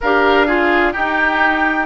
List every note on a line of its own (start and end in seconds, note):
0.01 0.95 D4
0.01 0.47 G4
0.01 0.46 A#4
0.01 0.92 F5
0.46 0.93 F4
0.46 0.93 G#4
0.92 1.86 D#4
0.92 1.86 G4
0.92 1.86 G5